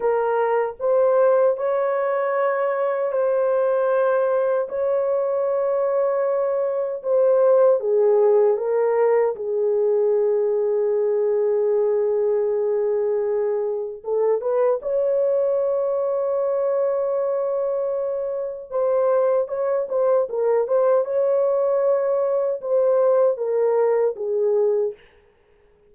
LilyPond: \new Staff \with { instrumentName = "horn" } { \time 4/4 \tempo 4 = 77 ais'4 c''4 cis''2 | c''2 cis''2~ | cis''4 c''4 gis'4 ais'4 | gis'1~ |
gis'2 a'8 b'8 cis''4~ | cis''1 | c''4 cis''8 c''8 ais'8 c''8 cis''4~ | cis''4 c''4 ais'4 gis'4 | }